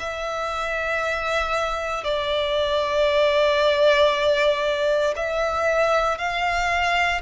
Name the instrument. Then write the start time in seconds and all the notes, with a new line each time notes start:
violin
0.00 E5
2.04 D5
5.16 E5
6.18 F5